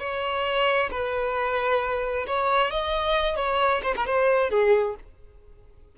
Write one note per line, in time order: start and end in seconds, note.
0.00 0.90 C#5
0.91 2.26 B4
2.27 2.71 C#5
2.71 3.36 D#5
3.36 3.82 C#5
3.83 3.95 C5
3.97 4.06 A#4
4.06 4.50 C5
4.50 4.95 G#4